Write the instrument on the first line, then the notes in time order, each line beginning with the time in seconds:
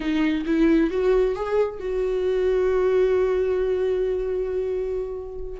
viola
0.00 D#4
0.45 E4
0.90 F#4
1.35 G#4
1.79 F#4